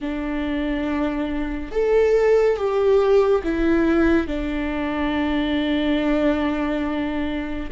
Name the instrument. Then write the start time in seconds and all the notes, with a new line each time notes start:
viola
0.00 D4
1.71 A4
2.56 G4
3.43 E4
4.27 D4